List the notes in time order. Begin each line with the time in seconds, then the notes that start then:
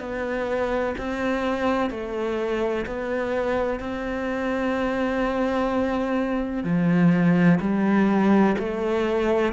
0.00 B3
0.98 C4
1.91 A3
2.87 B3
3.80 C4
6.64 F3
7.61 G3
8.59 A3